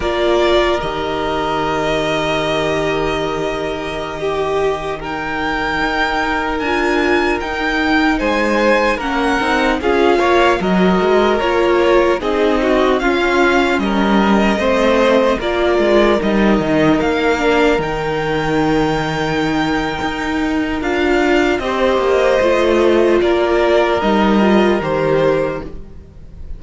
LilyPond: <<
  \new Staff \with { instrumentName = "violin" } { \time 4/4 \tempo 4 = 75 d''4 dis''2.~ | dis''2~ dis''16 g''4.~ g''16~ | g''16 gis''4 g''4 gis''4 fis''8.~ | fis''16 f''4 dis''4 cis''4 dis''8.~ |
dis''16 f''4 dis''2 d''8.~ | d''16 dis''4 f''4 g''4.~ g''16~ | g''2 f''4 dis''4~ | dis''4 d''4 dis''4 c''4 | }
  \new Staff \with { instrumentName = "violin" } { \time 4/4 ais'1~ | ais'4~ ais'16 g'4 ais'4.~ ais'16~ | ais'2~ ais'16 c''4 ais'8.~ | ais'16 gis'8 cis''8 ais'2 gis'8 fis'16~ |
fis'16 f'4 ais'4 c''4 ais'8.~ | ais'1~ | ais'2. c''4~ | c''4 ais'2. | }
  \new Staff \with { instrumentName = "viola" } { \time 4/4 f'4 g'2.~ | g'2~ g'16 dis'4.~ dis'16~ | dis'16 f'4 dis'2 cis'8 dis'16~ | dis'16 f'4 fis'4 f'4 dis'8.~ |
dis'16 cis'2 c'4 f'8.~ | f'16 dis'4. d'8 dis'4.~ dis'16~ | dis'2 f'4 g'4 | f'2 dis'8 f'8 g'4 | }
  \new Staff \with { instrumentName = "cello" } { \time 4/4 ais4 dis2.~ | dis2.~ dis16 dis'8.~ | dis'16 d'4 dis'4 gis4 ais8 c'16~ | c'16 cis'8 ais8 fis8 gis8 ais4 c'8.~ |
c'16 cis'4 g4 a4 ais8 gis16~ | gis16 g8 dis8 ais4 dis4.~ dis16~ | dis4 dis'4 d'4 c'8 ais8 | a4 ais4 g4 dis4 | }
>>